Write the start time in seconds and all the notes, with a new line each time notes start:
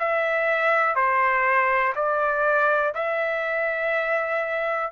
0.00 E5
0.96 C5
1.95 D5
2.95 E5